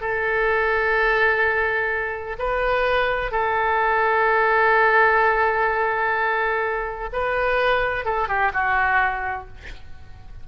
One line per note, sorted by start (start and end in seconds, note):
0.00 2.36 A4
2.38 3.31 B4
3.31 7.09 A4
7.12 8.05 B4
8.05 8.28 A4
8.28 8.51 G4
8.53 9.47 F#4